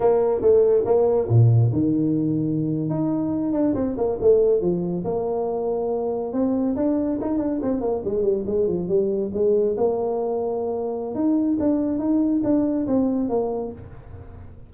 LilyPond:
\new Staff \with { instrumentName = "tuba" } { \time 4/4 \tempo 4 = 140 ais4 a4 ais4 ais,4 | dis2~ dis8. dis'4~ dis'16~ | dis'16 d'8 c'8 ais8 a4 f4 ais16~ | ais2~ ais8. c'4 d'16~ |
d'8. dis'8 d'8 c'8 ais8 gis8 g8 gis16~ | gis16 f8 g4 gis4 ais4~ ais16~ | ais2 dis'4 d'4 | dis'4 d'4 c'4 ais4 | }